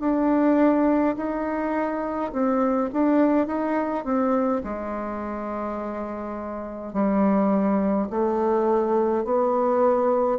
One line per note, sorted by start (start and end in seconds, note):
0.00 1.15 D4
1.16 2.31 D#4
2.32 2.90 C4
2.93 3.47 D4
3.47 4.04 D#4
4.04 4.62 C4
4.63 6.93 G#3
6.93 8.08 G3
8.10 9.24 A3
9.24 10.38 B3